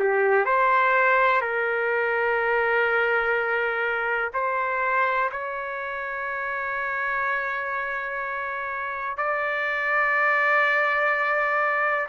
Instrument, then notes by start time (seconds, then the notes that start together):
trumpet
0.00 G4
0.46 C5
1.41 A#4
4.34 C5
5.32 C#5
9.18 D5